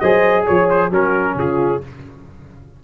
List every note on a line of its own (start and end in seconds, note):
0.00 0.47 F#3
0.00 0.92 G#4
0.00 0.46 C5
0.00 0.45 D#5
0.47 0.91 F3
0.47 0.69 C#5
0.47 0.89 C#5
0.70 0.92 C5
0.89 1.36 F#3
0.89 1.81 C#4
0.89 1.34 F#4
0.89 1.39 A#4
1.36 1.80 C#3
1.36 1.83 F4
1.36 1.84 G#4